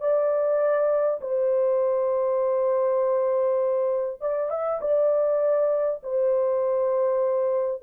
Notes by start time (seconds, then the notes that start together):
0.00 D5
1.21 C5
4.21 D5
4.50 E5
4.81 D5
6.03 C5